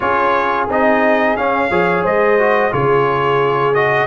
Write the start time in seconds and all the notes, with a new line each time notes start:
0.00 C#4 F4 G#4 C#5
0.68 C4 D#4 D#5
1.36 C#4 F5
1.70 F3 G#4 C#5
2.03 G#3 C5 D#5
2.39 F#4
2.71 C#3 F4 G#4 C#5
3.74 F#4 D#5